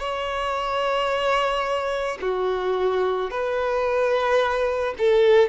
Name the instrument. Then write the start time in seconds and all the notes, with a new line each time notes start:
violin
0.00 C#5
2.21 F#4
3.30 B4
4.98 A4